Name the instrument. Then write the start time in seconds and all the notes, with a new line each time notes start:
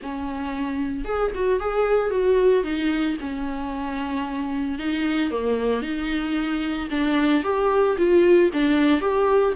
viola
0.02 C#4
1.05 G#4
1.34 F#4
1.60 G#4
2.10 F#4
2.63 D#4
3.20 C#4
4.78 D#4
5.30 A#3
5.82 D#4
6.90 D4
7.43 G4
7.97 F4
8.53 D4
9.00 G4